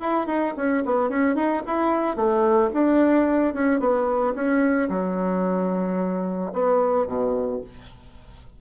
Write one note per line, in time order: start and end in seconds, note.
0.00 0.27 E4
0.27 0.54 D#4
0.57 0.84 C#4
0.86 1.10 B3
1.10 1.35 C#4
1.35 1.62 D#4
1.67 2.16 E4
2.16 2.70 A3
2.73 3.54 D4
3.54 3.80 C#4
3.80 4.34 B3
4.35 4.89 C#4
4.89 6.51 F#3
6.53 7.07 B3
7.07 7.61 B2